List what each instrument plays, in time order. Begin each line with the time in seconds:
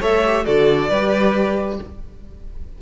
0.00 cello A3, viola A4, violin C#5 E5
0.26 viola G4
0.45 cello D3, viola F#4, violin A4 D5
0.89 cello G3, viola G4, violin B4